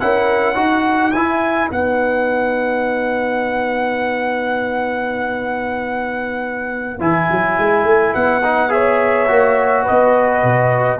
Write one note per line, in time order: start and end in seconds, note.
0.00 0.56 C#4
0.00 0.55 E4
0.00 0.59 A#4
0.00 1.12 F#5
0.55 1.13 D#4
0.55 1.12 F#4
0.55 8.73 B4
1.12 1.70 E4
1.12 1.71 E4
1.12 1.69 G#5
1.71 7.00 B3
1.71 7.00 D#4
1.71 7.01 F#5
7.00 7.29 E3
7.00 8.43 E4
7.00 8.14 G#5
7.31 7.58 F#3
7.58 7.85 G#3
7.85 8.13 A3
8.14 9.30 B3
8.14 8.72 F#5
8.44 8.69 D#4
8.69 9.26 G#4
8.69 9.84 C#5
8.69 9.86 E5
9.28 9.87 A#3
9.28 10.99 F#4
9.84 10.98 B4
9.84 11.00 D#5
9.90 10.43 B3
10.43 11.00 B2